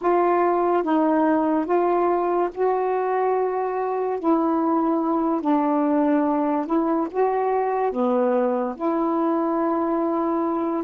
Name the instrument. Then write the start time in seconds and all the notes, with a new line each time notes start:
saxophone
0.01 F4
0.83 D#4
1.65 F4
2.54 F#4
4.19 E4
5.41 D4
6.66 E4
7.10 F#4
7.92 B3
8.75 E4